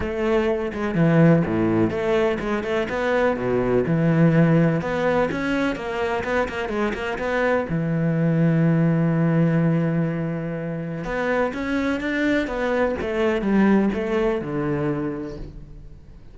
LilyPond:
\new Staff \with { instrumentName = "cello" } { \time 4/4 \tempo 4 = 125 a4. gis8 e4 a,4 | a4 gis8 a8 b4 b,4 | e2 b4 cis'4 | ais4 b8 ais8 gis8 ais8 b4 |
e1~ | e2. b4 | cis'4 d'4 b4 a4 | g4 a4 d2 | }